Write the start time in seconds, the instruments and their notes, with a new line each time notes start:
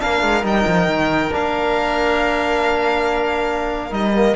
0.00 cello A#3, trombone D4, oboe A#4, violin F5
0.23 cello G#3
0.44 cello G3, trombone D#4, violin G5
0.67 cello F3
0.87 cello D#3
1.33 cello A#3, trombone D4, violin F5
3.91 cello G3, trombone D#4, violin D#5
4.16 trombone A#3